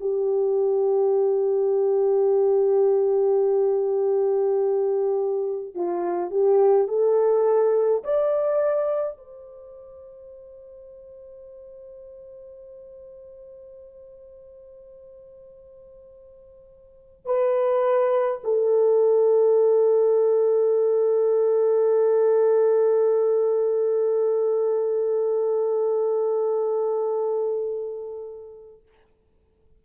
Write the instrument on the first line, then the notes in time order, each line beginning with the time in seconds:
horn
0.00 G4
5.74 F4
6.30 G4
6.88 A4
8.03 D5
9.17 C5
17.25 B4
18.44 A4